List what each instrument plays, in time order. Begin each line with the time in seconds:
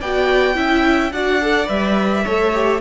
0.00 cello B3, viola F#4, violin D5 G5
0.55 cello C#4, viola E4, violin E5
1.12 cello D4, viola F#4, violin D5 F#5
1.42 viola A4
1.66 cello G3, viola B4, violin E5
2.25 cello A3, viola A4, violin C#5
2.54 viola G4